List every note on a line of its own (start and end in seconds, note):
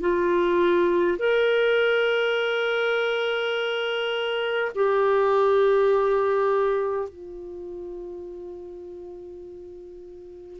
0.00 1.18 F4
1.18 4.71 A#4
4.74 7.09 G4
7.09 10.59 F4